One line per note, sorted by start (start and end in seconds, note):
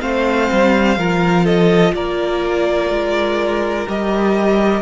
0.00 0.51 A3
0.00 0.97 C4
0.00 0.98 C5
0.00 1.46 F5
0.52 0.97 G3
0.97 1.94 F3
0.97 3.88 F4
0.97 1.45 A#4
1.45 1.93 A4
1.45 1.95 D#5
1.94 2.90 A#3
1.94 4.82 A#4
1.94 3.88 D5
2.90 3.87 G#3
3.88 4.82 G3
3.88 4.82 G4
3.88 4.82 D#5